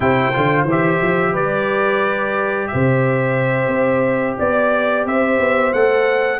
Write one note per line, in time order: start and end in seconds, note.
0.00 0.32 C3
0.00 0.33 E4
0.00 1.32 C5
0.00 0.65 G5
0.33 0.64 D3
0.33 0.67 F4
0.64 0.98 E3
0.64 5.74 G4
0.70 1.35 E5
1.02 1.34 F3
1.32 2.69 G3
1.32 2.67 B4
1.32 2.67 D5
2.67 4.38 C5
2.67 4.36 E5
2.74 3.67 C3
3.67 4.35 C4
4.38 5.05 B3
4.38 5.05 D5
4.38 5.06 D5
5.05 5.38 C4
5.05 6.39 C5
5.05 5.73 E5
5.39 5.72 B3
5.73 6.39 A3
5.73 6.39 A4
5.73 6.39 F#5